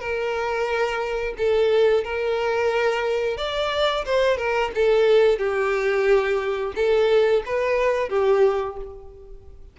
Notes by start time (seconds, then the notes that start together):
0.00 A#4
1.38 A4
2.04 A#4
3.37 D5
4.05 C5
4.38 A#4
4.75 A4
5.39 G4
6.76 A4
7.46 B4
8.10 G4